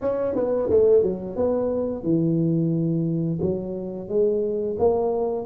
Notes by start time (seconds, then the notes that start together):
0.01 C#4
0.35 B3
0.69 A3
1.03 F#3
1.36 B3
2.03 E3
3.41 F#3
4.08 G#3
4.79 A#3